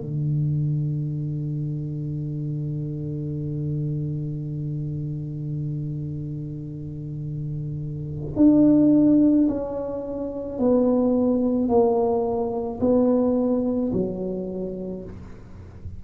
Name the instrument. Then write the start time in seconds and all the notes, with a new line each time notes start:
tuba
0.00 D3
8.36 D4
9.47 C#4
10.58 B3
11.68 A#3
12.80 B3
13.92 F#3